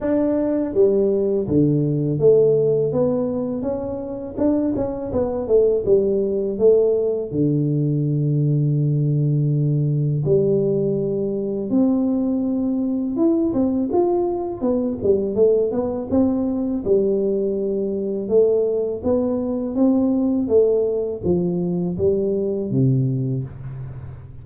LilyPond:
\new Staff \with { instrumentName = "tuba" } { \time 4/4 \tempo 4 = 82 d'4 g4 d4 a4 | b4 cis'4 d'8 cis'8 b8 a8 | g4 a4 d2~ | d2 g2 |
c'2 e'8 c'8 f'4 | b8 g8 a8 b8 c'4 g4~ | g4 a4 b4 c'4 | a4 f4 g4 c4 | }